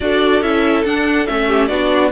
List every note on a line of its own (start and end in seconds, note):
0.00 0.41 D4
0.00 0.43 F#4
0.00 1.47 A4
0.00 0.42 D5
0.41 0.84 C#4
0.41 0.84 E4
0.41 0.84 E5
0.84 1.27 D4
0.84 1.26 F#5
1.26 1.69 A3
1.26 1.69 C#4
1.26 1.67 E5
1.47 1.68 G4
1.67 2.12 B3
1.67 2.12 D4
1.67 2.11 F#4
1.67 2.09 D5